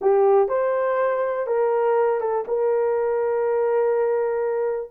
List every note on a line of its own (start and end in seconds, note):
0.01 0.48 G4
0.48 1.46 C5
1.46 2.20 A#4
2.20 2.45 A4
2.47 4.90 A#4